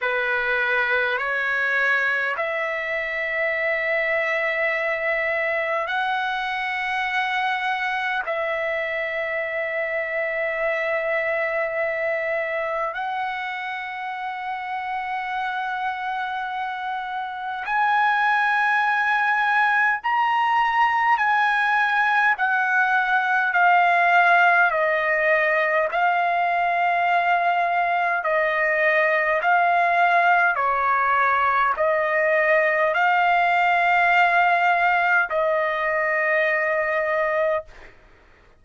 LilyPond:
\new Staff \with { instrumentName = "trumpet" } { \time 4/4 \tempo 4 = 51 b'4 cis''4 e''2~ | e''4 fis''2 e''4~ | e''2. fis''4~ | fis''2. gis''4~ |
gis''4 ais''4 gis''4 fis''4 | f''4 dis''4 f''2 | dis''4 f''4 cis''4 dis''4 | f''2 dis''2 | }